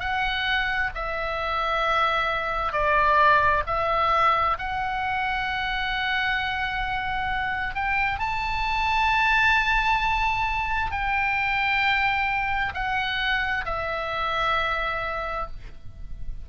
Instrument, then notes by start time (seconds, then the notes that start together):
oboe
0.00 F#5
0.95 E5
2.73 D5
3.67 E5
4.59 F#5
7.75 G5
8.19 A5
10.92 G5
12.74 F#5
13.66 E5